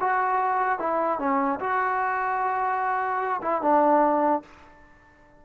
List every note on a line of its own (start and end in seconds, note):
0.00 0.79 F#4
0.79 1.19 E4
1.19 1.59 C#4
1.60 3.41 F#4
3.42 3.61 E4
3.61 4.42 D4